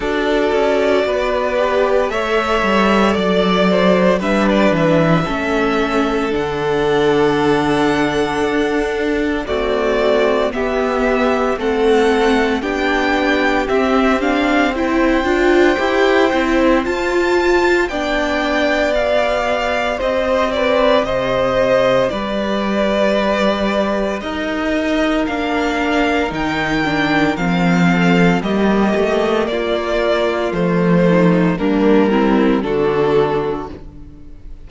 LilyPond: <<
  \new Staff \with { instrumentName = "violin" } { \time 4/4 \tempo 4 = 57 d''2 e''4 d''4 | e''16 d''16 e''4. fis''2~ | fis''4 d''4 e''4 fis''4 | g''4 e''8 f''8 g''2 |
a''4 g''4 f''4 dis''8 d''8 | dis''4 d''2 dis''4 | f''4 g''4 f''4 dis''4 | d''4 c''4 ais'4 a'4 | }
  \new Staff \with { instrumentName = "violin" } { \time 4/4 a'4 b'4 cis''4 d''8 c''8 | b'4 a'2.~ | a'4 fis'4 g'4 a'4 | g'2 c''2~ |
c''4 d''2 c''8 b'8 | c''4 b'2 ais'4~ | ais'2~ ais'8 a'8 g'4 | f'4. dis'8 d'8 e'8 fis'4 | }
  \new Staff \with { instrumentName = "viola" } { \time 4/4 fis'4. g'8 a'2 | d'4 cis'4 d'2~ | d'4 a4 b4 c'4 | d'4 c'8 d'8 e'8 f'8 g'8 e'8 |
f'4 d'4 g'2~ | g'1 | d'4 dis'8 d'8 c'4 ais4~ | ais4 a4 ais8 c'8 d'4 | }
  \new Staff \with { instrumentName = "cello" } { \time 4/4 d'8 cis'8 b4 a8 g8 fis4 | g8 e8 a4 d2 | d'4 c'4 b4 a4 | b4 c'4. d'8 e'8 c'8 |
f'4 b2 c'4 | c4 g2 dis'4 | ais4 dis4 f4 g8 a8 | ais4 f4 g4 d4 | }
>>